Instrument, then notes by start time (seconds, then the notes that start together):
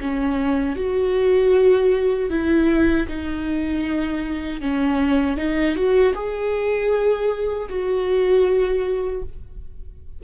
viola
0.00 C#4
0.76 F#4
2.30 E4
3.08 D#4
4.61 C#4
5.37 D#4
5.76 F#4
6.15 G#4
7.69 F#4